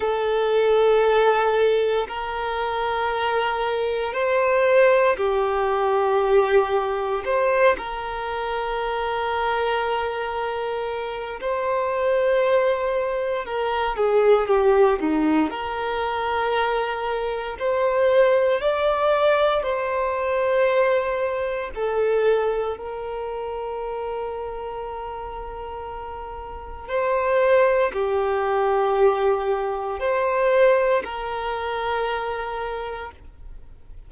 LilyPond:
\new Staff \with { instrumentName = "violin" } { \time 4/4 \tempo 4 = 58 a'2 ais'2 | c''4 g'2 c''8 ais'8~ | ais'2. c''4~ | c''4 ais'8 gis'8 g'8 dis'8 ais'4~ |
ais'4 c''4 d''4 c''4~ | c''4 a'4 ais'2~ | ais'2 c''4 g'4~ | g'4 c''4 ais'2 | }